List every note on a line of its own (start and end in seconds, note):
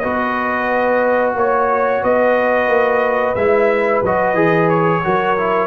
0.00 1.35 B3
0.00 3.36 F#4
0.00 1.36 B4
0.00 1.33 D#5
1.35 2.01 A#3
1.35 2.04 C#5
1.35 2.03 C#5
2.03 2.68 B3
2.03 5.03 B4
2.03 3.35 D#5
2.68 3.35 A#3
3.35 4.02 G#3
3.35 4.05 E4
3.35 4.02 E5
4.03 4.33 F#3
4.03 4.35 F#4
4.03 4.69 D#5
4.33 5.00 E3
4.33 5.02 G#4
4.69 5.67 C#5
5.04 5.67 F#3
5.04 5.37 F#4
5.04 5.67 A#4
5.38 5.67 E4